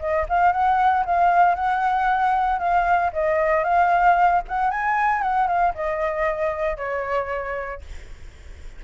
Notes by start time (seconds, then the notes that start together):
0.00 D#5
0.29 F5
0.53 F#5
1.06 F5
1.55 F#5
2.59 F5
3.13 D#5
3.64 F5
4.48 F#5
4.71 G#5
5.22 F#5
5.48 F5
5.75 D#5
6.77 C#5